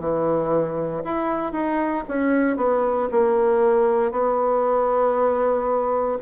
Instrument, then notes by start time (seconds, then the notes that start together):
bassoon
0.00 E3
1.05 E4
1.52 D#4
2.09 C#4
2.57 B3
3.12 A#3
4.12 B3